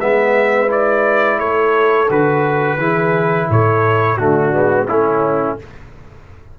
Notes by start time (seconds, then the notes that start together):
0.00 G#3 B3 B4 E5
0.68 E4 D5
1.39 A3 A4 C#5
2.09 D3 F#4 B4
2.77 E3 E4 G#4
3.49 A2 A4 C#5
4.17 D3 A3 D4 F#4
4.52 G#3 B3
4.85 A3 C#4 E4